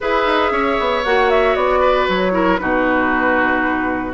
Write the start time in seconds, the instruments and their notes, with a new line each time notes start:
0.00 bassoon E4, clarinet G#4, oboe B4, flute E5
0.25 bassoon D#4
0.50 bassoon C#4, oboe C#5
0.79 bassoon B3
1.04 bassoon A#3, clarinet F#4, flute F#5
1.29 flute E5
1.55 bassoon B3, flute D5
1.80 oboe B4
2.08 bassoon F#3, flute C#5
2.31 clarinet E4, oboe A#4
2.57 bassoon B2, clarinet D#4, oboe F#4, flute B4